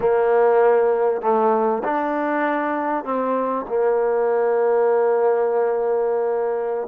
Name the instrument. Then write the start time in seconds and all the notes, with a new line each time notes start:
trombone
0.00 A#3
1.21 A3
1.84 D4
3.04 C4
3.68 A#3